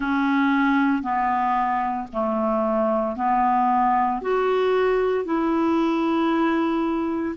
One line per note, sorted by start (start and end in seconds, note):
0.00 1.02 C#4
1.02 2.07 B3
2.12 3.16 A3
3.16 4.21 B3
4.21 5.24 F#4
5.24 7.35 E4